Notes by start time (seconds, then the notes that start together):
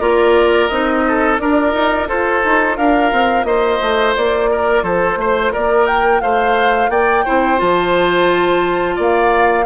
0.00 A#3 F4 A#4 D5
0.68 C4 D#4 D#5
1.08 A4
1.39 D4 F4 A#4 D5
1.73 D#4
2.08 F4 A4 C5
2.44 D#4
2.77 D4 A#4 F5
3.12 C4
3.43 A#3 C5 D#5
3.81 A3
4.16 A#3 D5
4.51 A#4
4.82 F3 A4 C5
5.16 A3 C5
5.52 A#3 A#4 D5
5.86 G5
6.21 A3 C5 F5
6.89 A#3 D5 G5
7.25 C4 E4 C5
7.57 F3 F4 A5
8.96 A#3 D5 F5